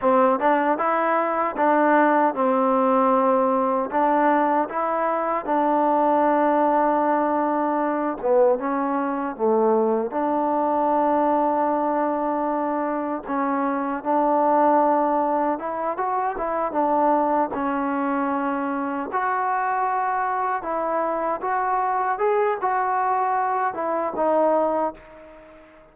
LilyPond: \new Staff \with { instrumentName = "trombone" } { \time 4/4 \tempo 4 = 77 c'8 d'8 e'4 d'4 c'4~ | c'4 d'4 e'4 d'4~ | d'2~ d'8 b8 cis'4 | a4 d'2.~ |
d'4 cis'4 d'2 | e'8 fis'8 e'8 d'4 cis'4.~ | cis'8 fis'2 e'4 fis'8~ | fis'8 gis'8 fis'4. e'8 dis'4 | }